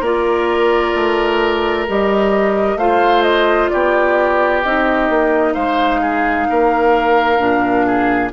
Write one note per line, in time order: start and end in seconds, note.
0.00 0.92 A#3
0.00 1.87 F4
0.00 2.77 A#4
0.00 1.88 D5
0.95 1.87 A3
1.87 2.76 G3
1.87 2.79 G4
1.87 2.78 D#5
2.76 3.68 A3
2.76 4.64 F4
2.76 3.71 C5
2.76 3.22 F5
3.22 3.68 D#5
3.69 4.64 B3
3.69 5.54 G4
3.69 4.61 D5
4.61 5.09 C4
4.61 7.37 D#4
4.61 5.53 D#5
5.09 5.55 A#3
5.53 6.48 G#3
5.53 6.00 C5
5.53 8.30 F5
6.01 6.47 G#4
6.49 7.39 A#3
6.49 7.86 A#4
7.37 8.32 A#2
7.37 8.30 D4
7.86 8.32 G#4